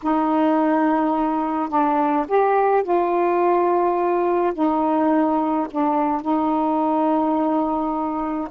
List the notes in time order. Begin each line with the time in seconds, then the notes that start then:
0.02 D#4
1.69 D4
2.28 G4
2.83 F4
4.54 D#4
5.70 D4
6.21 D#4